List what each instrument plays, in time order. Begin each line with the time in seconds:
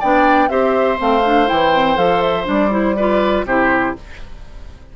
0.00 bassoon B3, clarinet D4, oboe D5, flute G5
0.49 bassoon C4, clarinet G4, oboe C5, flute E5
0.97 bassoon A3, clarinet C4, flute F5
1.25 clarinet D4
1.47 bassoon E3, clarinet E4, flute G5
1.74 clarinet C4
1.96 bassoon F3, clarinet A4, flute F5
2.22 flute E5
2.44 bassoon G3, clarinet D4, flute D5
2.70 clarinet E4, flute C5
2.96 clarinet F4, oboe B4, flute D5
3.45 bassoon C3, clarinet E4, oboe G4, flute C5